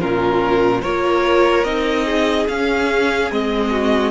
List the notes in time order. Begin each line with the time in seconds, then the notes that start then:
0.00 A#2 C#4 F4 A#4
0.82 A#3 F4 A#4 C#5
1.64 C4 D#4 D#5
2.05 G#4
2.49 C#4 F5
3.30 G#3 C4 D#5
3.71 F#4